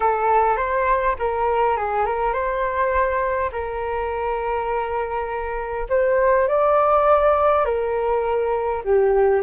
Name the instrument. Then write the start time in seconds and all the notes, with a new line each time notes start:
flute
0.00 A4
0.56 C5
1.18 A#4
1.76 G#4
2.05 A#4
2.33 C5
3.51 A#4
5.89 C5
6.48 D5
7.65 A#4
8.84 G4